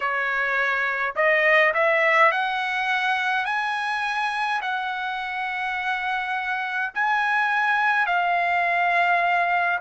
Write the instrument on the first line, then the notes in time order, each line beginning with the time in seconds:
trumpet
0.00 C#5
1.15 D#5
1.74 E5
2.31 F#5
3.45 G#5
4.61 F#5
6.94 G#5
8.06 F5